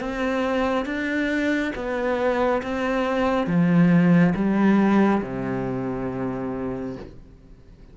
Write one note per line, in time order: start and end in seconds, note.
0.00 0.86 C4
0.86 1.73 D4
1.75 2.62 B3
2.62 3.47 C4
3.47 4.34 F3
4.36 5.23 G3
5.23 6.97 C3